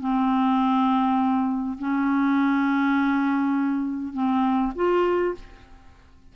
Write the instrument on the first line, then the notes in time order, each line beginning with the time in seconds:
clarinet
0.00 C4
1.79 C#4
4.14 C4
4.76 F4